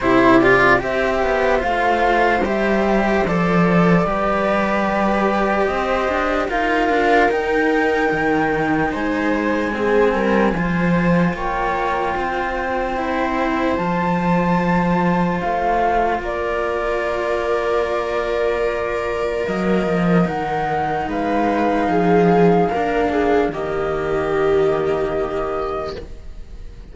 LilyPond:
<<
  \new Staff \with { instrumentName = "flute" } { \time 4/4 \tempo 4 = 74 c''8 d''8 e''4 f''4 e''4 | d''2. dis''4 | f''4 g''2 gis''4~ | gis''2 g''2~ |
g''4 a''2 f''4 | d''1 | dis''4 fis''4 f''2~ | f''4 dis''2. | }
  \new Staff \with { instrumentName = "viola" } { \time 4/4 g'4 c''2.~ | c''4 b'2 c''4 | ais'2. c''4 | gis'8 ais'8 c''4 cis''4 c''4~ |
c''1 | ais'1~ | ais'2 b'4 gis'4 | ais'8 gis'8 g'2. | }
  \new Staff \with { instrumentName = "cello" } { \time 4/4 e'8 f'8 g'4 f'4 g'4 | a'4 g'2. | f'4 dis'2. | c'4 f'2. |
e'4 f'2.~ | f'1 | ais4 dis'2. | d'4 ais2. | }
  \new Staff \with { instrumentName = "cello" } { \time 4/4 c4 c'8 b8 a4 g4 | f4 g2 c'8 d'8 | dis'8 d'8 dis'4 dis4 gis4~ | gis8 g8 f4 ais4 c'4~ |
c'4 f2 a4 | ais1 | fis8 f8 dis4 gis4 f4 | ais4 dis2. | }
>>